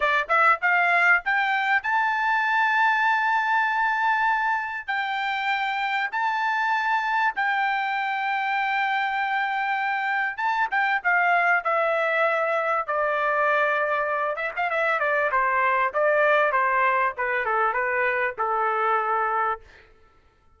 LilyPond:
\new Staff \with { instrumentName = "trumpet" } { \time 4/4 \tempo 4 = 98 d''8 e''8 f''4 g''4 a''4~ | a''1 | g''2 a''2 | g''1~ |
g''4 a''8 g''8 f''4 e''4~ | e''4 d''2~ d''8 e''16 f''16 | e''8 d''8 c''4 d''4 c''4 | b'8 a'8 b'4 a'2 | }